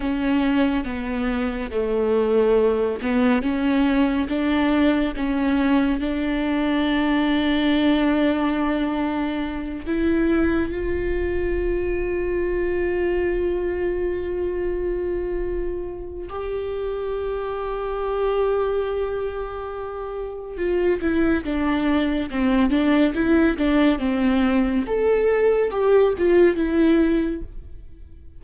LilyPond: \new Staff \with { instrumentName = "viola" } { \time 4/4 \tempo 4 = 70 cis'4 b4 a4. b8 | cis'4 d'4 cis'4 d'4~ | d'2.~ d'8 e'8~ | e'8 f'2.~ f'8~ |
f'2. g'4~ | g'1 | f'8 e'8 d'4 c'8 d'8 e'8 d'8 | c'4 a'4 g'8 f'8 e'4 | }